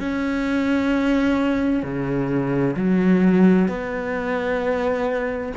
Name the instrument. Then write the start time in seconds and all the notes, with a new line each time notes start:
cello
0.00 C#4
1.83 C#3
2.77 F#3
3.68 B3